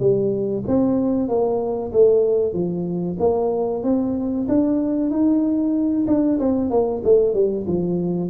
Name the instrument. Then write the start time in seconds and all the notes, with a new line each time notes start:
tuba
0.00 G3
0.67 C4
1.29 A#3
1.93 A3
2.54 F3
3.20 A#3
3.84 C4
4.49 D4
5.11 D#4
6.08 D4
6.40 C4
6.71 A#3
7.04 A3
7.35 G3
7.67 F3